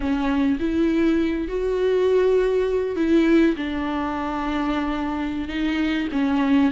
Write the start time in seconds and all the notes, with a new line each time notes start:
0.00 C#4
0.59 E4
1.48 F#4
2.96 E4
3.56 D4
5.48 D#4
6.12 C#4